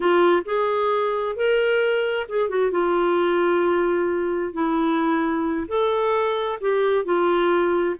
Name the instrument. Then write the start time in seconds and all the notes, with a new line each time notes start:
clarinet
0.00 F4
0.45 G#4
1.36 A#4
2.29 G#4
2.49 F#4
2.71 F4
4.53 E4
5.68 A4
6.60 G4
7.04 F4